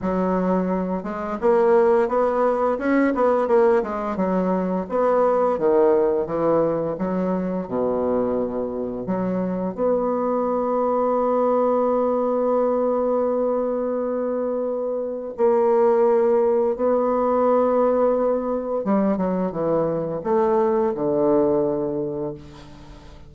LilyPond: \new Staff \with { instrumentName = "bassoon" } { \time 4/4 \tempo 4 = 86 fis4. gis8 ais4 b4 | cis'8 b8 ais8 gis8 fis4 b4 | dis4 e4 fis4 b,4~ | b,4 fis4 b2~ |
b1~ | b2 ais2 | b2. g8 fis8 | e4 a4 d2 | }